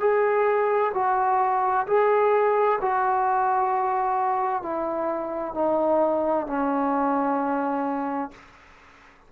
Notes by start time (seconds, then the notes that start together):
0.00 G#4
0.94 F#4
1.87 G#4
2.81 F#4
4.63 E4
5.55 D#4
6.47 C#4